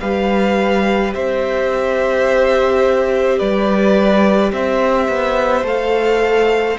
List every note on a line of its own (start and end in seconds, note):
0.00 1.14 G3
0.00 5.64 G4
0.00 1.14 B4
0.00 1.13 F5
1.14 3.41 C4
1.14 3.39 C5
1.14 3.38 E5
3.38 4.52 G3
3.38 4.52 B4
3.38 4.52 D5
4.52 5.08 C4
4.52 6.79 C5
4.52 5.66 E5
5.08 5.63 B3
5.63 6.76 A3
5.63 6.77 A4
5.63 6.79 F5